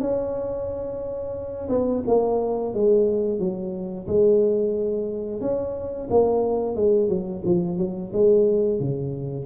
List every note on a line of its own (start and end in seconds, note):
0.00 1.69 C#4
1.69 2.03 B3
2.07 2.74 A#3
2.74 3.39 G#3
3.39 4.07 F#3
4.07 5.41 G#3
5.41 6.08 C#4
6.10 6.76 A#3
6.76 7.08 G#3
7.08 7.42 F#3
7.45 7.77 F3
7.77 8.11 F#3
8.13 8.79 G#3
8.79 9.46 C#3